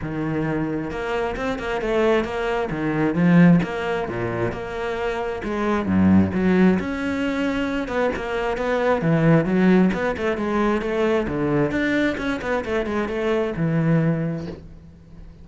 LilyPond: \new Staff \with { instrumentName = "cello" } { \time 4/4 \tempo 4 = 133 dis2 ais4 c'8 ais8 | a4 ais4 dis4 f4 | ais4 ais,4 ais2 | gis4 fis,4 fis4 cis'4~ |
cis'4. b8 ais4 b4 | e4 fis4 b8 a8 gis4 | a4 d4 d'4 cis'8 b8 | a8 gis8 a4 e2 | }